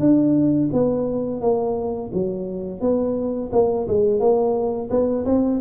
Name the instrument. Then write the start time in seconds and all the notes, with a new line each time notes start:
tuba
0.00 D4
0.73 B3
1.41 A#3
2.13 F#3
2.81 B3
3.53 A#3
3.88 G#3
4.20 A#3
4.91 B3
5.26 C4